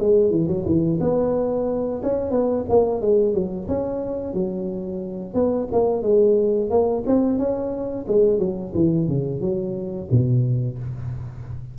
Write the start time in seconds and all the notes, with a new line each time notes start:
0.00 G#3
0.31 E3
0.48 F#3
0.66 E3
1.01 B3
2.03 C#4
2.31 B3
2.69 A#3
3.02 G#3
3.34 F#3
3.68 C#4
4.34 F#3
5.34 B3
5.72 A#3
6.02 G#3
6.70 A#3
7.07 C4
7.39 C#4
8.08 G#3
8.39 F#3
8.75 E3
9.08 C#3
9.41 F#3
10.11 B2